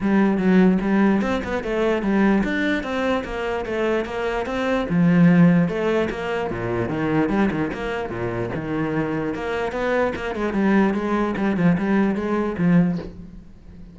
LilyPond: \new Staff \with { instrumentName = "cello" } { \time 4/4 \tempo 4 = 148 g4 fis4 g4 c'8 b8 | a4 g4 d'4 c'4 | ais4 a4 ais4 c'4 | f2 a4 ais4 |
ais,4 dis4 g8 dis8 ais4 | ais,4 dis2 ais4 | b4 ais8 gis8 g4 gis4 | g8 f8 g4 gis4 f4 | }